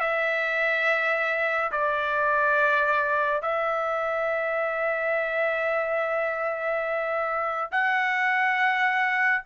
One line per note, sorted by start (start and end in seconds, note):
0.00 1.71 E5
1.72 3.42 D5
3.42 7.71 E5
7.72 9.43 F#5